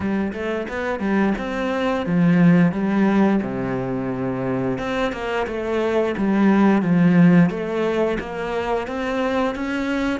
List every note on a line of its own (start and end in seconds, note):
0.00 0.32 G3
0.33 0.67 A3
0.68 0.99 B3
0.99 1.33 G3
1.38 2.06 C4
2.06 2.71 F3
2.71 3.40 G3
3.42 4.78 C3
4.78 5.12 C4
5.12 5.46 A#3
5.47 6.15 A3
6.17 6.82 G3
6.82 7.49 F3
7.49 8.18 A3
8.19 8.87 A#3
8.87 9.55 C4
9.55 10.19 C#4